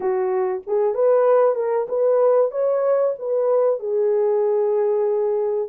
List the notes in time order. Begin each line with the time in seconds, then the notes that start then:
0.00 F#4
0.66 G#4
0.94 B4
1.55 A#4
1.88 B4
2.51 C#5
3.19 B4
3.79 G#4